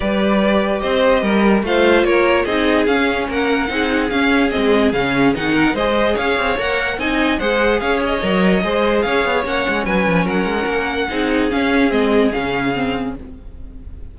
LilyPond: <<
  \new Staff \with { instrumentName = "violin" } { \time 4/4 \tempo 4 = 146 d''2 dis''2 | f''4 cis''4 dis''4 f''4 | fis''2 f''4 dis''4 | f''4 fis''4 dis''4 f''4 |
fis''4 gis''4 fis''4 f''8 dis''8~ | dis''2 f''4 fis''4 | gis''4 fis''2. | f''4 dis''4 f''2 | }
  \new Staff \with { instrumentName = "violin" } { \time 4/4 b'2 c''4 ais'4 | c''4 ais'4 gis'2 | ais'4 gis'2.~ | gis'4. ais'8 c''4 cis''4~ |
cis''4 dis''4 c''4 cis''4~ | cis''4 c''4 cis''2 | b'4 ais'2 gis'4~ | gis'1 | }
  \new Staff \with { instrumentName = "viola" } { \time 4/4 g'1 | f'2 dis'4 cis'4~ | cis'4 dis'4 cis'4 c'4 | cis'4 dis'4 gis'2 |
ais'4 dis'4 gis'2 | ais'4 gis'2 cis'4~ | cis'2. dis'4 | cis'4 c'4 cis'4 c'4 | }
  \new Staff \with { instrumentName = "cello" } { \time 4/4 g2 c'4 g4 | a4 ais4 c'4 cis'4 | ais4 c'4 cis'4 gis4 | cis4 dis4 gis4 cis'8 c'8 |
ais4 c'4 gis4 cis'4 | fis4 gis4 cis'8 b8 ais8 gis8 | fis8 f8 fis8 gis8 ais4 c'4 | cis'4 gis4 cis2 | }
>>